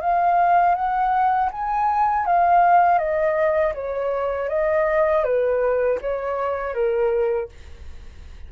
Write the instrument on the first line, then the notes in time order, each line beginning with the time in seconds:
flute
0.00 F5
0.74 F#5
1.51 G#5
2.25 F5
2.98 D#5
3.74 C#5
4.49 D#5
5.24 B4
6.01 C#5
6.74 A#4